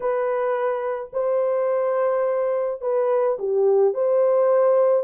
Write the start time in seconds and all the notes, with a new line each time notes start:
0.00 B4
1.12 C5
2.81 B4
3.38 G4
3.94 C5